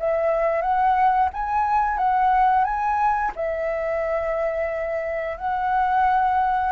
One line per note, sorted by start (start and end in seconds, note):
0.00 0.62 E5
0.62 1.29 F#5
1.34 1.98 G#5
1.98 2.64 F#5
2.64 3.32 G#5
3.36 5.37 E5
5.37 6.72 F#5